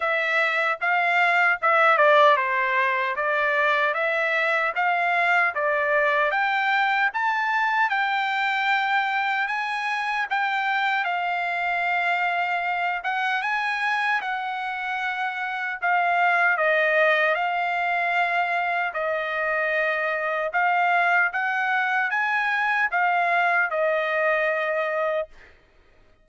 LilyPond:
\new Staff \with { instrumentName = "trumpet" } { \time 4/4 \tempo 4 = 76 e''4 f''4 e''8 d''8 c''4 | d''4 e''4 f''4 d''4 | g''4 a''4 g''2 | gis''4 g''4 f''2~ |
f''8 fis''8 gis''4 fis''2 | f''4 dis''4 f''2 | dis''2 f''4 fis''4 | gis''4 f''4 dis''2 | }